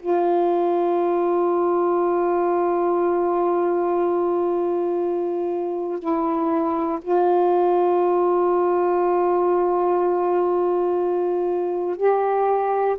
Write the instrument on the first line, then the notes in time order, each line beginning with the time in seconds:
saxophone
0.00 F4
5.99 E4
7.02 F4
11.97 G4